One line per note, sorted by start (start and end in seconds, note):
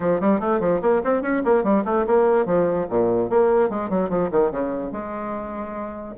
0.00 0.20 F3
0.20 0.40 G3
0.40 0.60 A3
0.60 0.80 F3
0.81 1.02 A#3
1.04 1.21 C4
1.21 1.42 C#4
1.44 1.63 A#3
1.63 1.84 G3
1.85 2.05 A3
2.06 2.45 A#3
2.45 2.86 F3
2.89 3.29 A#2
3.29 3.69 A#3
3.69 3.89 G#3
3.89 4.09 F#3
4.09 4.30 F3
4.31 4.51 D#3
4.51 4.91 C#3
4.91 6.15 G#3